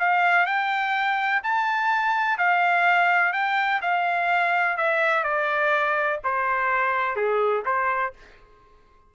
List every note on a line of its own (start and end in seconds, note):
0.00 0.46 F5
0.46 1.42 G5
1.44 2.38 A5
2.38 3.33 F5
3.33 3.81 G5
3.82 4.78 F5
4.78 5.24 E5
5.24 6.20 D5
6.25 7.16 C5
7.16 7.64 G#4
7.66 8.14 C5